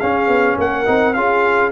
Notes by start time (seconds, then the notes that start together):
0.00 C#4 G#4 F5
0.28 B3
0.58 A#3 A#4 F#5
0.85 C4 D#4
1.14 C#4 F4 G#4 F5